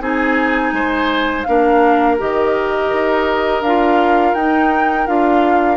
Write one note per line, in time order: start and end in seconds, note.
0.00 0.72 C4
0.00 1.45 D#4
0.00 0.74 G#4
0.00 1.43 G#5
0.72 1.45 G#3
0.72 1.47 C5
1.43 2.20 A#3
1.43 2.18 D4
1.43 5.77 A#4
1.43 2.16 F5
2.18 2.92 D#3
2.18 3.62 G4
2.18 3.62 D#5
2.92 3.61 D#4
3.61 4.33 D4
3.61 4.37 F4
3.61 4.34 F5
4.34 5.07 D#4
4.34 5.06 D#4
4.34 5.07 G5
5.06 5.77 D4
5.06 5.77 F4
5.06 5.77 F5